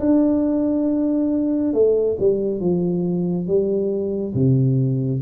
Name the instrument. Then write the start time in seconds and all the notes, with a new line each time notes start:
tuba
0.00 D4
1.73 A3
2.19 G3
2.60 F3
3.47 G3
4.34 C3